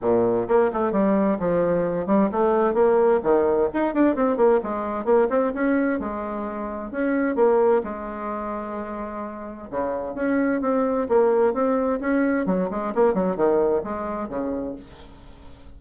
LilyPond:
\new Staff \with { instrumentName = "bassoon" } { \time 4/4 \tempo 4 = 130 ais,4 ais8 a8 g4 f4~ | f8 g8 a4 ais4 dis4 | dis'8 d'8 c'8 ais8 gis4 ais8 c'8 | cis'4 gis2 cis'4 |
ais4 gis2.~ | gis4 cis4 cis'4 c'4 | ais4 c'4 cis'4 fis8 gis8 | ais8 fis8 dis4 gis4 cis4 | }